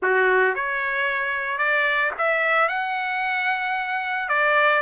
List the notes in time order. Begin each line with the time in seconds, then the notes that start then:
0.02 F#4
0.55 C#5
1.58 D5
2.18 E5
2.68 F#5
4.29 D5